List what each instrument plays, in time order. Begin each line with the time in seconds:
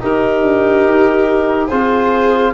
0.00 trombone D#4, tuba D#4, viola G4, clarinet A#4
0.43 tuba D4
0.85 tuba D#4
1.68 tuba C4, trombone F4, viola G#4, clarinet C5